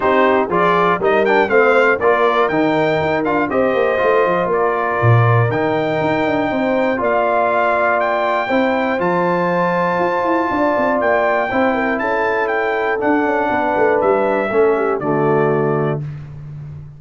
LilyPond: <<
  \new Staff \with { instrumentName = "trumpet" } { \time 4/4 \tempo 4 = 120 c''4 d''4 dis''8 g''8 f''4 | d''4 g''4. f''8 dis''4~ | dis''4 d''2 g''4~ | g''2 f''2 |
g''2 a''2~ | a''2 g''2 | a''4 g''4 fis''2 | e''2 d''2 | }
  \new Staff \with { instrumentName = "horn" } { \time 4/4 g'4 gis'4 ais'4 c''4 | ais'2. c''4~ | c''4 ais'2.~ | ais'4 c''4 d''2~ |
d''4 c''2.~ | c''4 d''2 c''8 ais'8 | a'2. b'4~ | b'4 a'8 g'8 fis'2 | }
  \new Staff \with { instrumentName = "trombone" } { \time 4/4 dis'4 f'4 dis'8 d'8 c'4 | f'4 dis'4. f'8 g'4 | f'2. dis'4~ | dis'2 f'2~ |
f'4 e'4 f'2~ | f'2. e'4~ | e'2 d'2~ | d'4 cis'4 a2 | }
  \new Staff \with { instrumentName = "tuba" } { \time 4/4 c'4 f4 g4 a4 | ais4 dis4 dis'8 d'8 c'8 ais8 | a8 f8 ais4 ais,4 dis4 | dis'8 d'8 c'4 ais2~ |
ais4 c'4 f2 | f'8 e'8 d'8 c'8 ais4 c'4 | cis'2 d'8 cis'8 b8 a8 | g4 a4 d2 | }
>>